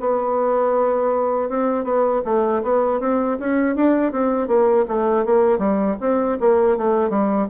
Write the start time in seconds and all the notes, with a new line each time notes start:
0.00 B3
1.49 C4
1.84 B3
2.25 A3
2.62 B3
3.00 C4
3.39 C#4
3.76 D4
4.12 C4
4.48 A#3
4.88 A3
5.25 A#3
5.58 G3
6.00 C4
6.40 A#3
6.77 A3
7.10 G3